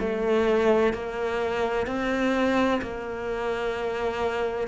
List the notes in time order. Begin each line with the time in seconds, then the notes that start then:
0.00 A3
0.94 A#3
1.87 C4
2.82 A#3